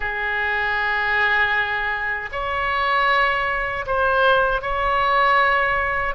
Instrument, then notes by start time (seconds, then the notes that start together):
oboe
0.00 G#4
2.31 C#5
3.86 C5
4.61 C#5